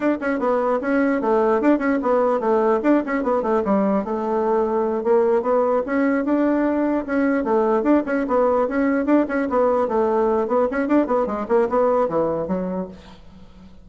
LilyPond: \new Staff \with { instrumentName = "bassoon" } { \time 4/4 \tempo 4 = 149 d'8 cis'8 b4 cis'4 a4 | d'8 cis'8 b4 a4 d'8 cis'8 | b8 a8 g4 a2~ | a8 ais4 b4 cis'4 d'8~ |
d'4. cis'4 a4 d'8 | cis'8 b4 cis'4 d'8 cis'8 b8~ | b8 a4. b8 cis'8 d'8 b8 | gis8 ais8 b4 e4 fis4 | }